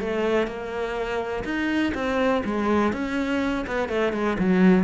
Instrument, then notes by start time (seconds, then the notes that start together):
cello
0.00 A3
0.47 A#3
1.44 D#4
1.94 C4
2.45 G#3
2.93 C#4
3.67 B3
3.88 A3
4.13 G#3
4.39 F#3